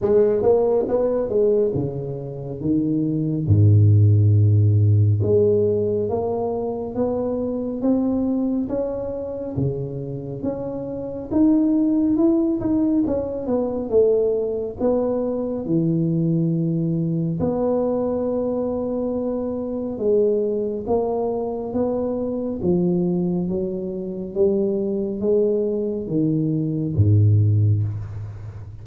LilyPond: \new Staff \with { instrumentName = "tuba" } { \time 4/4 \tempo 4 = 69 gis8 ais8 b8 gis8 cis4 dis4 | gis,2 gis4 ais4 | b4 c'4 cis'4 cis4 | cis'4 dis'4 e'8 dis'8 cis'8 b8 |
a4 b4 e2 | b2. gis4 | ais4 b4 f4 fis4 | g4 gis4 dis4 gis,4 | }